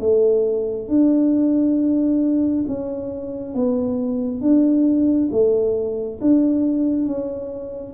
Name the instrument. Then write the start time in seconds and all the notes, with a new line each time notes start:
tuba
0.00 A3
0.89 D4
2.68 C#4
3.54 B3
4.41 D4
5.31 A3
6.21 D4
7.06 C#4